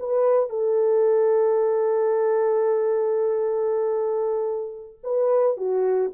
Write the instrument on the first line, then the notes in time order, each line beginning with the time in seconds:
horn
0.00 B4
0.50 A4
5.04 B4
5.57 F#4